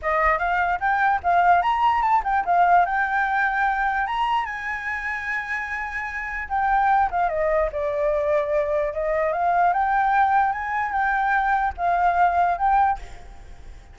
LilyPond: \new Staff \with { instrumentName = "flute" } { \time 4/4 \tempo 4 = 148 dis''4 f''4 g''4 f''4 | ais''4 a''8 g''8 f''4 g''4~ | g''2 ais''4 gis''4~ | gis''1 |
g''4. f''8 dis''4 d''4~ | d''2 dis''4 f''4 | g''2 gis''4 g''4~ | g''4 f''2 g''4 | }